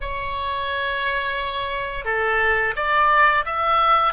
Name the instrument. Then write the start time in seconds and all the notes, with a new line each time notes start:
oboe
0.00 C#5
2.05 A4
2.76 D5
3.45 E5